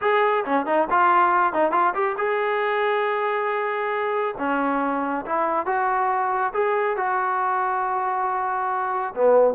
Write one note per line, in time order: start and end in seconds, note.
0.01 0.44 G#4
0.45 0.66 C#4
0.66 0.87 D#4
0.90 1.53 F4
1.53 1.71 D#4
1.71 1.93 F4
1.94 2.16 G4
2.17 4.35 G#4
4.38 5.25 C#4
5.25 5.65 E4
5.65 6.52 F#4
6.53 6.96 G#4
6.96 9.14 F#4
9.14 9.54 B3